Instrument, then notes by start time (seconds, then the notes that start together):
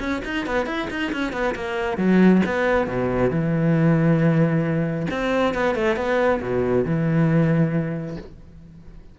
cello
0.00 C#4
0.25 D#4
0.47 B3
0.66 E4
0.90 D#4
1.13 C#4
1.33 B3
1.55 A#3
1.98 F#3
2.46 B3
2.87 B2
3.30 E3
5.11 C4
5.54 B3
5.75 A3
5.97 B3
6.42 B2
6.85 E3